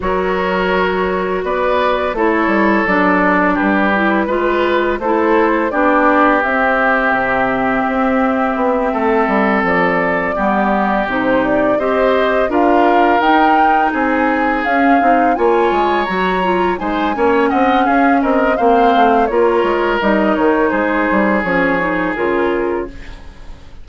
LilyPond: <<
  \new Staff \with { instrumentName = "flute" } { \time 4/4 \tempo 4 = 84 cis''2 d''4 cis''4 | d''4 b'2 c''4 | d''4 e''2.~ | e''4. d''2 c''8 |
d''8 dis''4 f''4 g''4 gis''8~ | gis''8 f''4 gis''4 ais''4 gis''8~ | gis''8 fis''8 f''8 dis''8 f''4 cis''4 | dis''8 cis''8 c''4 cis''4 ais'4 | }
  \new Staff \with { instrumentName = "oboe" } { \time 4/4 ais'2 b'4 a'4~ | a'4 g'4 b'4 a'4 | g'1~ | g'8 a'2 g'4.~ |
g'8 c''4 ais'2 gis'8~ | gis'4. cis''2 c''8 | cis''8 dis''8 gis'8 ais'8 c''4 ais'4~ | ais'4 gis'2. | }
  \new Staff \with { instrumentName = "clarinet" } { \time 4/4 fis'2. e'4 | d'4. e'8 f'4 e'4 | d'4 c'2.~ | c'2~ c'8 b4 dis'8~ |
dis'8 g'4 f'4 dis'4.~ | dis'8 cis'8 dis'8 f'4 fis'8 f'8 dis'8 | cis'2 c'4 f'4 | dis'2 cis'8 dis'8 f'4 | }
  \new Staff \with { instrumentName = "bassoon" } { \time 4/4 fis2 b4 a8 g8 | fis4 g4 gis4 a4 | b4 c'4 c4 c'4 | b8 a8 g8 f4 g4 c8~ |
c8 c'4 d'4 dis'4 c'8~ | c'8 cis'8 c'8 ais8 gis8 fis4 gis8 | ais8 c'8 cis'8 c'8 ais8 a8 ais8 gis8 | g8 dis8 gis8 g8 f4 cis4 | }
>>